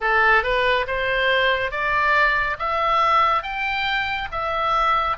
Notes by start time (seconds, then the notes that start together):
0.00 A4
0.43 B4
0.86 C5
1.71 D5
2.58 E5
3.42 G5
4.31 E5